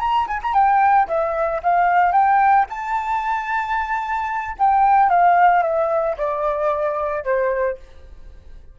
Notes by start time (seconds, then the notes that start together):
0.00 A#5
0.28 G#5
0.43 A#5
0.54 G5
1.08 E5
1.63 F5
2.12 G5
2.69 A5
4.59 G5
5.09 F5
5.63 E5
6.17 D5
7.24 C5